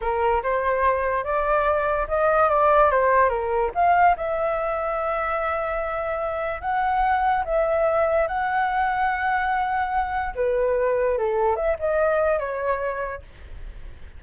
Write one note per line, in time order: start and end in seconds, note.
0.01 0.42 A#4
0.43 1.24 C5
1.24 2.06 D5
2.07 2.49 D#5
2.49 2.90 D5
2.91 3.29 C5
3.29 3.70 A#4
3.74 4.16 F5
4.16 6.61 E5
6.61 7.44 F#5
7.44 8.27 E5
8.27 10.34 F#5
10.35 11.17 B4
11.17 11.56 A4
11.56 11.76 E5
11.79 12.39 D#5
12.39 13.22 C#5